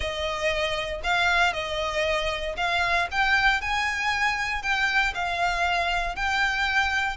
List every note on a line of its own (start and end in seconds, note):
0.00 1.01 D#5
1.03 1.53 F5
1.53 2.55 D#5
2.56 3.08 F5
3.11 3.61 G5
3.61 4.62 G#5
4.62 5.13 G5
5.14 6.15 F5
6.15 7.16 G5